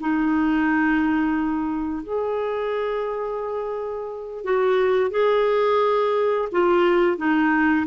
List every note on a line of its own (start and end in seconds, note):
0.00 2.03 D#4
2.03 4.44 G#4
4.44 5.11 F#4
5.11 6.49 G#4
6.52 7.17 F4
7.17 7.86 D#4